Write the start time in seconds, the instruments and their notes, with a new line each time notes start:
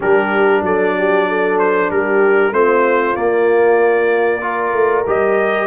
0.00 tuba G3, trombone D4, horn G4, trumpet A#4
0.62 tuba F#3, horn A4, trumpet D5
0.98 horn G4
1.28 horn A4
1.58 trumpet C5
1.90 tuba G3, horn G4, trumpet A#4
2.52 tuba A3, trombone C4, horn F4, trumpet C5
3.15 trombone A#3, tuba A#3, trumpet D5
4.41 trombone F4, horn A#4
4.73 tuba A3
5.06 tuba G3, trombone G4, trumpet D#5